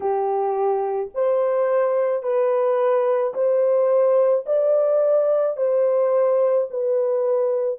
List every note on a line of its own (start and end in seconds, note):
0.00 1.10 G4
1.14 2.22 C5
2.22 3.33 B4
3.33 4.44 C5
4.45 5.57 D5
5.57 6.68 C5
6.70 7.79 B4